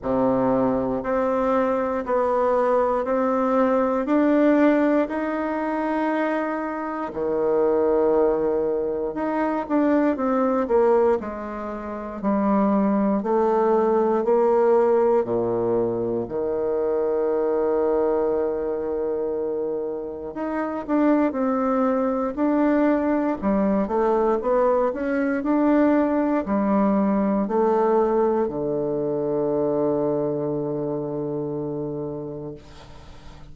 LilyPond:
\new Staff \with { instrumentName = "bassoon" } { \time 4/4 \tempo 4 = 59 c4 c'4 b4 c'4 | d'4 dis'2 dis4~ | dis4 dis'8 d'8 c'8 ais8 gis4 | g4 a4 ais4 ais,4 |
dis1 | dis'8 d'8 c'4 d'4 g8 a8 | b8 cis'8 d'4 g4 a4 | d1 | }